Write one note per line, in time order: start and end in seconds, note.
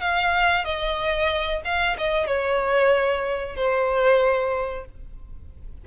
0.00 0.65 F5
0.65 1.61 D#5
1.64 1.96 F5
1.97 2.26 D#5
2.26 3.55 C#5
3.56 4.85 C5